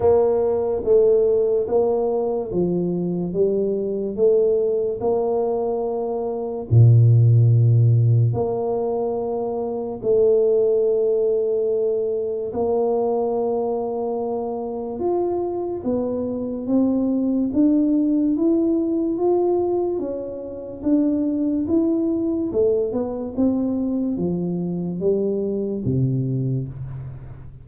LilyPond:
\new Staff \with { instrumentName = "tuba" } { \time 4/4 \tempo 4 = 72 ais4 a4 ais4 f4 | g4 a4 ais2 | ais,2 ais2 | a2. ais4~ |
ais2 f'4 b4 | c'4 d'4 e'4 f'4 | cis'4 d'4 e'4 a8 b8 | c'4 f4 g4 c4 | }